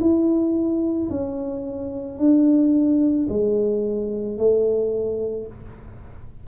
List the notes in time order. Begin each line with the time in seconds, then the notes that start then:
0.00 E4
1.10 C#4
2.18 D4
3.29 G#3
4.37 A3